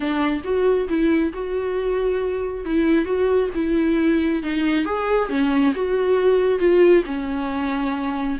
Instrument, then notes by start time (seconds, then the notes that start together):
viola
0.00 D4
0.44 F#4
0.88 E4
1.33 F#4
2.65 E4
3.05 F#4
3.54 E4
4.42 D#4
4.85 G#4
5.29 C#4
5.75 F#4
6.59 F4
7.05 C#4